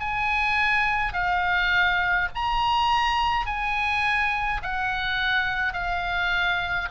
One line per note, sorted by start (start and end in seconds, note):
0.00 1.13 G#5
1.13 2.29 F5
2.35 3.46 A#5
3.46 4.62 G#5
4.63 5.73 F#5
5.73 6.89 F5